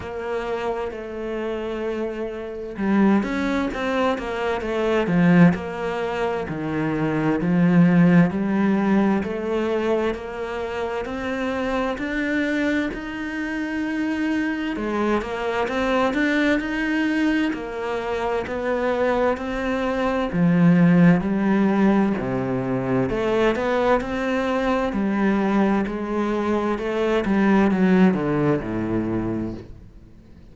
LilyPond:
\new Staff \with { instrumentName = "cello" } { \time 4/4 \tempo 4 = 65 ais4 a2 g8 cis'8 | c'8 ais8 a8 f8 ais4 dis4 | f4 g4 a4 ais4 | c'4 d'4 dis'2 |
gis8 ais8 c'8 d'8 dis'4 ais4 | b4 c'4 f4 g4 | c4 a8 b8 c'4 g4 | gis4 a8 g8 fis8 d8 a,4 | }